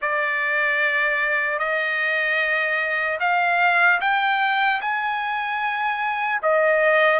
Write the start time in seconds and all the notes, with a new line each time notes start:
0.01 D5
1.59 D#5
3.20 F5
4.00 G5
4.81 G#5
6.42 D#5